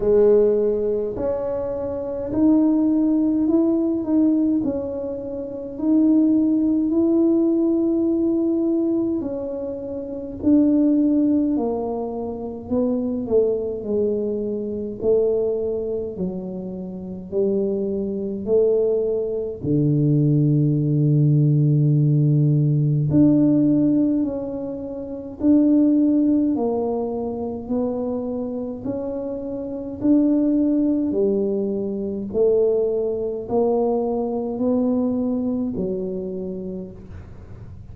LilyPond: \new Staff \with { instrumentName = "tuba" } { \time 4/4 \tempo 4 = 52 gis4 cis'4 dis'4 e'8 dis'8 | cis'4 dis'4 e'2 | cis'4 d'4 ais4 b8 a8 | gis4 a4 fis4 g4 |
a4 d2. | d'4 cis'4 d'4 ais4 | b4 cis'4 d'4 g4 | a4 ais4 b4 fis4 | }